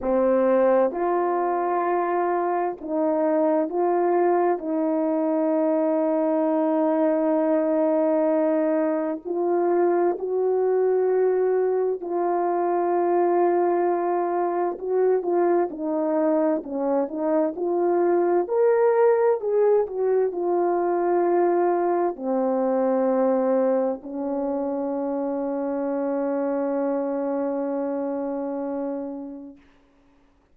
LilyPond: \new Staff \with { instrumentName = "horn" } { \time 4/4 \tempo 4 = 65 c'4 f'2 dis'4 | f'4 dis'2.~ | dis'2 f'4 fis'4~ | fis'4 f'2. |
fis'8 f'8 dis'4 cis'8 dis'8 f'4 | ais'4 gis'8 fis'8 f'2 | c'2 cis'2~ | cis'1 | }